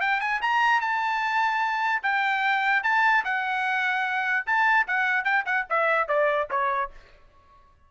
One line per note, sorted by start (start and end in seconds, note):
0.00 0.20 G5
0.20 0.41 G#5
0.41 0.81 A#5
0.81 2.02 A5
2.03 2.83 G5
2.83 3.24 A5
3.24 4.46 F#5
4.46 4.87 A5
4.87 5.24 F#5
5.24 5.44 G5
5.45 5.66 F#5
5.69 6.08 E5
6.08 6.48 D5
6.50 6.90 C#5